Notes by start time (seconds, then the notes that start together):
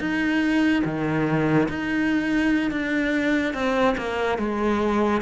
0.00 D#4
0.85 D#3
1.69 D#4
2.72 D4
3.54 C4
3.98 A#3
4.39 G#3